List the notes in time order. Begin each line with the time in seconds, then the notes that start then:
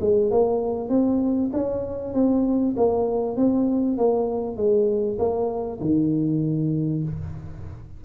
0.00 G#3
0.30 A#3
0.89 C4
1.53 C#4
2.13 C4
2.76 A#3
3.36 C4
3.97 A#3
4.56 G#3
5.18 A#3
5.80 D#3